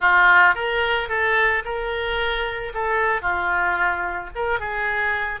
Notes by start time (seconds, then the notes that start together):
0.00 F4
0.54 A#4
1.09 A4
1.64 A#4
2.74 A4
3.21 F4
4.35 A#4
4.59 G#4